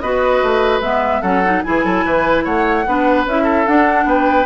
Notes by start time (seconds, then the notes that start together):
0.00 B3 F#4 B4 D#5
0.43 A3
0.81 G#3 B3 E5
1.22 F#3 C#4 A4 F#5
1.45 D#4
1.63 E3 E4 G#4 G#5
1.84 F#3 A4
2.05 E3 B4
2.44 A3 C#5 F#5
2.87 B3 D4 B4
3.26 C#4 E4 E5
3.44 A4
3.67 D4 F#5
4.05 B3 B4 G5